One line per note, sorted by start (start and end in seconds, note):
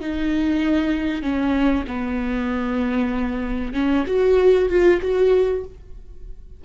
0.00 1.22 D#4
1.22 1.84 C#4
1.87 3.73 B3
3.73 4.04 C#4
4.07 4.69 F#4
4.69 5.00 F4
5.01 5.64 F#4